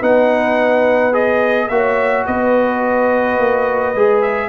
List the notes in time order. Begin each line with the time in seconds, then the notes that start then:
0.00 B3 D#4 B4 F#5
1.13 G#4 D#5
1.69 A#3 F#4 C#5 E5
2.26 B3 B4 D#5
3.39 A#3
3.95 G#3 G#4
4.21 E5